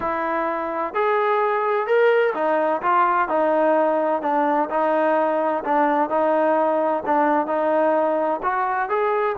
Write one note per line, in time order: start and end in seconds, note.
0.00 0.94 E4
0.94 1.86 G#4
1.86 2.33 A#4
2.34 2.81 D#4
2.81 3.28 F4
3.28 4.22 D#4
4.22 4.69 D4
4.70 5.63 D#4
5.64 6.09 D4
6.09 7.03 D#4
7.05 7.46 D4
7.46 8.40 D#4
8.42 8.89 F#4
8.89 9.36 G#4